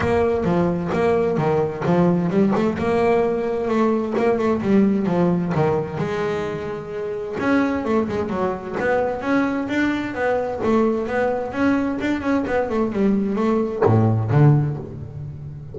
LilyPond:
\new Staff \with { instrumentName = "double bass" } { \time 4/4 \tempo 4 = 130 ais4 f4 ais4 dis4 | f4 g8 a8 ais2 | a4 ais8 a8 g4 f4 | dis4 gis2. |
cis'4 a8 gis8 fis4 b4 | cis'4 d'4 b4 a4 | b4 cis'4 d'8 cis'8 b8 a8 | g4 a4 a,4 d4 | }